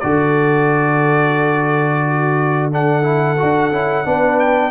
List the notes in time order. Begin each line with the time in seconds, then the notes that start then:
0.00 D3 F#4 A4 D5
2.07 F#4
2.72 D4 A4 F#5
3.03 E4
3.38 D4 F#4
3.72 C#4 E4
4.05 B3 D4 B4
4.40 G5